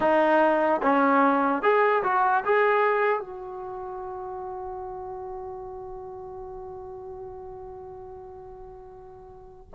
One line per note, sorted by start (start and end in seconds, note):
0.00 0.81 D#4
0.82 1.62 C#4
1.62 2.02 G#4
2.03 2.43 F#4
2.45 3.20 G#4
3.20 9.69 F#4